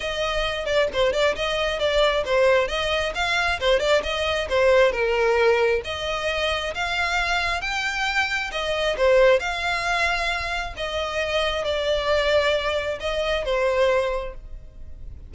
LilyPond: \new Staff \with { instrumentName = "violin" } { \time 4/4 \tempo 4 = 134 dis''4. d''8 c''8 d''8 dis''4 | d''4 c''4 dis''4 f''4 | c''8 d''8 dis''4 c''4 ais'4~ | ais'4 dis''2 f''4~ |
f''4 g''2 dis''4 | c''4 f''2. | dis''2 d''2~ | d''4 dis''4 c''2 | }